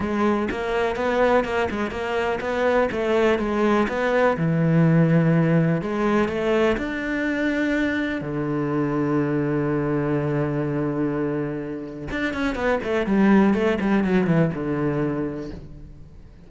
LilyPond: \new Staff \with { instrumentName = "cello" } { \time 4/4 \tempo 4 = 124 gis4 ais4 b4 ais8 gis8 | ais4 b4 a4 gis4 | b4 e2. | gis4 a4 d'2~ |
d'4 d2.~ | d1~ | d4 d'8 cis'8 b8 a8 g4 | a8 g8 fis8 e8 d2 | }